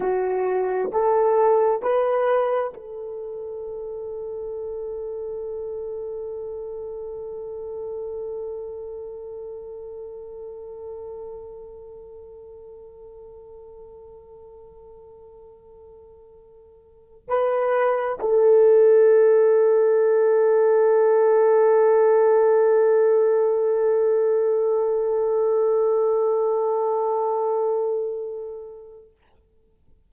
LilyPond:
\new Staff \with { instrumentName = "horn" } { \time 4/4 \tempo 4 = 66 fis'4 a'4 b'4 a'4~ | a'1~ | a'1~ | a'1~ |
a'2. b'4 | a'1~ | a'1~ | a'1 | }